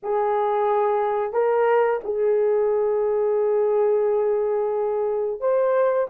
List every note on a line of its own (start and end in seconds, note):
0.02 1.33 G#4
1.33 2.00 A#4
2.03 5.40 G#4
5.40 6.07 C5